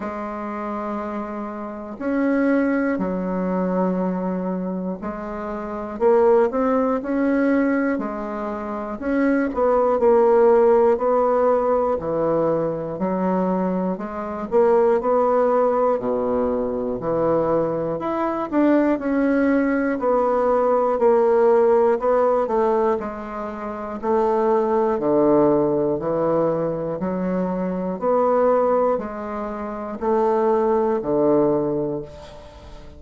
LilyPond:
\new Staff \with { instrumentName = "bassoon" } { \time 4/4 \tempo 4 = 60 gis2 cis'4 fis4~ | fis4 gis4 ais8 c'8 cis'4 | gis4 cis'8 b8 ais4 b4 | e4 fis4 gis8 ais8 b4 |
b,4 e4 e'8 d'8 cis'4 | b4 ais4 b8 a8 gis4 | a4 d4 e4 fis4 | b4 gis4 a4 d4 | }